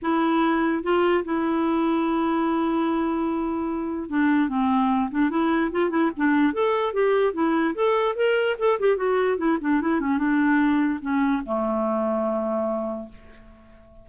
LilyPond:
\new Staff \with { instrumentName = "clarinet" } { \time 4/4 \tempo 4 = 147 e'2 f'4 e'4~ | e'1~ | e'2 d'4 c'4~ | c'8 d'8 e'4 f'8 e'8 d'4 |
a'4 g'4 e'4 a'4 | ais'4 a'8 g'8 fis'4 e'8 d'8 | e'8 cis'8 d'2 cis'4 | a1 | }